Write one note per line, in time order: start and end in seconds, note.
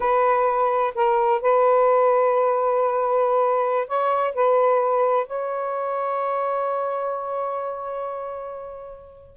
0.00 0.94 B4
0.94 1.41 A#4
1.41 3.87 B4
3.87 4.34 C#5
4.34 5.26 B4
5.26 9.37 C#5